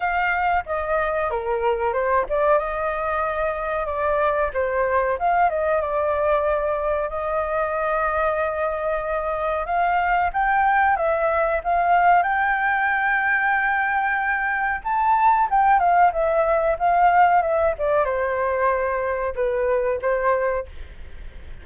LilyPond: \new Staff \with { instrumentName = "flute" } { \time 4/4 \tempo 4 = 93 f''4 dis''4 ais'4 c''8 d''8 | dis''2 d''4 c''4 | f''8 dis''8 d''2 dis''4~ | dis''2. f''4 |
g''4 e''4 f''4 g''4~ | g''2. a''4 | g''8 f''8 e''4 f''4 e''8 d''8 | c''2 b'4 c''4 | }